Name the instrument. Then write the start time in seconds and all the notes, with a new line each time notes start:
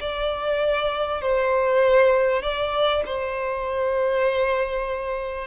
violin
0.00 D5
1.21 C5
2.42 D5
3.06 C5